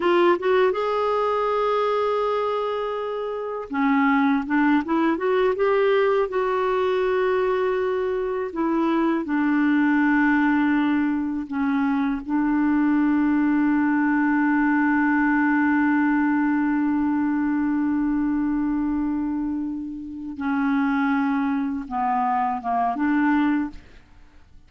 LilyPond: \new Staff \with { instrumentName = "clarinet" } { \time 4/4 \tempo 4 = 81 f'8 fis'8 gis'2.~ | gis'4 cis'4 d'8 e'8 fis'8 g'8~ | g'8 fis'2. e'8~ | e'8 d'2. cis'8~ |
cis'8 d'2.~ d'8~ | d'1~ | d'2.~ d'8 cis'8~ | cis'4. b4 ais8 d'4 | }